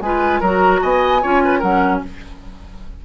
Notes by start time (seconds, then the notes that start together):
0.00 G#3 F4 B4 G#5
0.40 F#3 F#4 A#4 A#5
0.82 B3 D#5 G#5
1.22 C#4 F4 C#5
1.44 B4
1.59 F#3 A#4 F#5
1.65 C#4